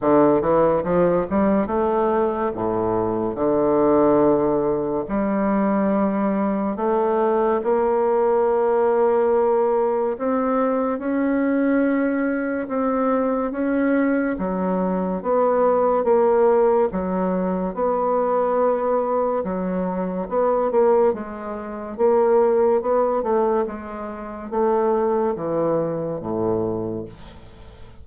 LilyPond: \new Staff \with { instrumentName = "bassoon" } { \time 4/4 \tempo 4 = 71 d8 e8 f8 g8 a4 a,4 | d2 g2 | a4 ais2. | c'4 cis'2 c'4 |
cis'4 fis4 b4 ais4 | fis4 b2 fis4 | b8 ais8 gis4 ais4 b8 a8 | gis4 a4 e4 a,4 | }